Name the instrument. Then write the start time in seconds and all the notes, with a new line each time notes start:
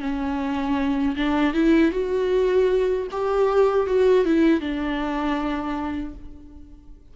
viola
0.00 C#4
1.16 D4
1.53 E4
1.92 F#4
3.11 G4
3.86 F#4
4.25 E4
4.60 D4